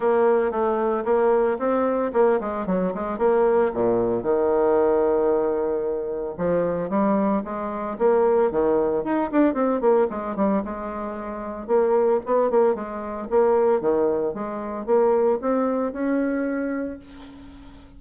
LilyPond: \new Staff \with { instrumentName = "bassoon" } { \time 4/4 \tempo 4 = 113 ais4 a4 ais4 c'4 | ais8 gis8 fis8 gis8 ais4 ais,4 | dis1 | f4 g4 gis4 ais4 |
dis4 dis'8 d'8 c'8 ais8 gis8 g8 | gis2 ais4 b8 ais8 | gis4 ais4 dis4 gis4 | ais4 c'4 cis'2 | }